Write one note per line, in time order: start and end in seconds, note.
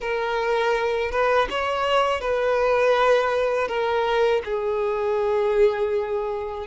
0.00 1.11 A#4
1.11 1.48 B4
1.49 2.21 C#5
2.21 3.67 B4
3.67 4.41 A#4
4.44 6.67 G#4